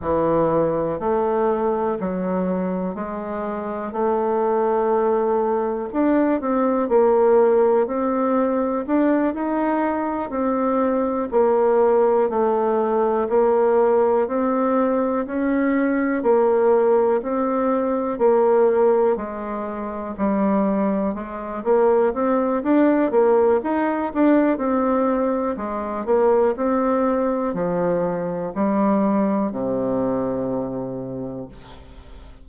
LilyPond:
\new Staff \with { instrumentName = "bassoon" } { \time 4/4 \tempo 4 = 61 e4 a4 fis4 gis4 | a2 d'8 c'8 ais4 | c'4 d'8 dis'4 c'4 ais8~ | ais8 a4 ais4 c'4 cis'8~ |
cis'8 ais4 c'4 ais4 gis8~ | gis8 g4 gis8 ais8 c'8 d'8 ais8 | dis'8 d'8 c'4 gis8 ais8 c'4 | f4 g4 c2 | }